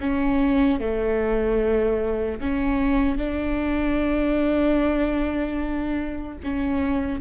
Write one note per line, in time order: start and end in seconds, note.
0.00 0.80 C#4
0.80 2.40 A3
2.40 3.17 C#4
3.17 6.37 D4
6.43 7.20 C#4